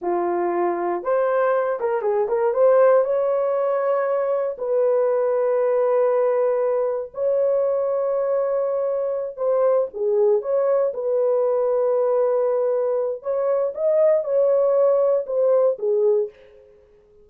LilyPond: \new Staff \with { instrumentName = "horn" } { \time 4/4 \tempo 4 = 118 f'2 c''4. ais'8 | gis'8 ais'8 c''4 cis''2~ | cis''4 b'2.~ | b'2 cis''2~ |
cis''2~ cis''8 c''4 gis'8~ | gis'8 cis''4 b'2~ b'8~ | b'2 cis''4 dis''4 | cis''2 c''4 gis'4 | }